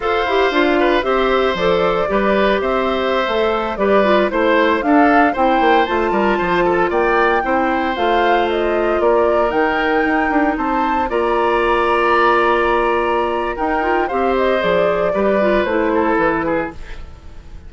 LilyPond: <<
  \new Staff \with { instrumentName = "flute" } { \time 4/4 \tempo 4 = 115 f''2 e''4 d''4~ | d''4 e''2~ e''16 d''8.~ | d''16 c''4 f''4 g''4 a''8.~ | a''4~ a''16 g''2 f''8.~ |
f''16 dis''4 d''4 g''4.~ g''16~ | g''16 a''4 ais''2~ ais''8.~ | ais''2 g''4 f''8 dis''8 | d''2 c''4 b'4 | }
  \new Staff \with { instrumentName = "oboe" } { \time 4/4 c''4. b'8 c''2 | b'4 c''2~ c''16 b'8.~ | b'16 c''4 a'4 c''4. ais'16~ | ais'16 c''8 a'8 d''4 c''4.~ c''16~ |
c''4~ c''16 ais'2~ ais'8.~ | ais'16 c''4 d''2~ d''8.~ | d''2 ais'4 c''4~ | c''4 b'4. a'4 gis'8 | }
  \new Staff \with { instrumentName = "clarinet" } { \time 4/4 a'8 g'8 f'4 g'4 a'4 | g'2~ g'16 a'4 g'8 f'16~ | f'16 e'4 d'4 e'4 f'8.~ | f'2~ f'16 e'4 f'8.~ |
f'2~ f'16 dis'4.~ dis'16~ | dis'4~ dis'16 f'2~ f'8.~ | f'2 dis'8 f'8 g'4 | gis'4 g'8 f'8 e'2 | }
  \new Staff \with { instrumentName = "bassoon" } { \time 4/4 f'8 e'8 d'4 c'4 f4 | g4 c'4~ c'16 a4 g8.~ | g16 a4 d'4 c'8 ais8 a8 g16~ | g16 f4 ais4 c'4 a8.~ |
a4~ a16 ais4 dis4 dis'8 d'16~ | d'16 c'4 ais2~ ais8.~ | ais2 dis'4 c'4 | f4 g4 a4 e4 | }
>>